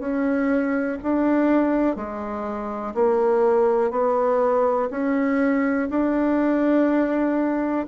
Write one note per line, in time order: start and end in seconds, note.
0.00 0.98 C#4
1.03 1.96 D4
1.96 2.95 G#3
2.95 3.91 A#3
3.91 4.90 B3
4.91 5.89 C#4
5.90 7.87 D4